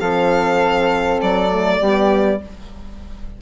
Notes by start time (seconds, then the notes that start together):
0.00 F3 C4 A4 F5
1.22 F#3 D5
1.50 A3
1.80 G3 B3 G4